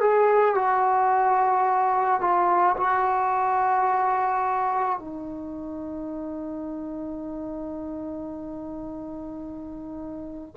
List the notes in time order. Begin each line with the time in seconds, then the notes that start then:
0.00 G#4
0.55 F#4
2.20 F4
2.77 F#4
4.99 D#4